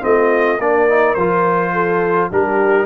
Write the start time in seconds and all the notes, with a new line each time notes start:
0.00 A3 C4 F4 D#5
0.59 A#3 D4 A#4 D5
0.88 D#4
1.14 F3 F4 C5
1.72 A4
2.31 G3 D4 G4 A#4